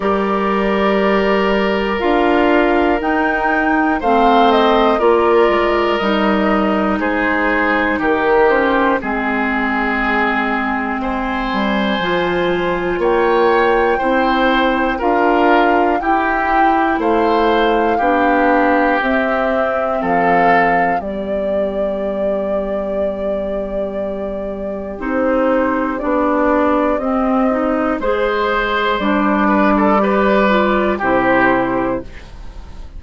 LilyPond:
<<
  \new Staff \with { instrumentName = "flute" } { \time 4/4 \tempo 4 = 60 d''2 f''4 g''4 | f''8 dis''8 d''4 dis''4 c''4 | ais'8 c''8 gis'2 gis''4~ | gis''4 g''2 f''4 |
g''4 f''2 e''4 | f''4 d''2.~ | d''4 c''4 d''4 dis''4 | c''4 d''2 c''4 | }
  \new Staff \with { instrumentName = "oboe" } { \time 4/4 ais'1 | c''4 ais'2 gis'4 | g'4 gis'2 c''4~ | c''4 cis''4 c''4 ais'4 |
g'4 c''4 g'2 | a'4 g'2.~ | g'1 | c''4. b'16 a'16 b'4 g'4 | }
  \new Staff \with { instrumentName = "clarinet" } { \time 4/4 g'2 f'4 dis'4 | c'4 f'4 dis'2~ | dis'8 cis'8 c'2. | f'2 e'4 f'4 |
e'2 d'4 c'4~ | c'4 b2.~ | b4 dis'4 d'4 c'8 dis'8 | gis'4 d'4 g'8 f'8 e'4 | }
  \new Staff \with { instrumentName = "bassoon" } { \time 4/4 g2 d'4 dis'4 | a4 ais8 gis8 g4 gis4 | dis4 gis2~ gis8 g8 | f4 ais4 c'4 d'4 |
e'4 a4 b4 c'4 | f4 g2.~ | g4 c'4 b4 c'4 | gis4 g2 c4 | }
>>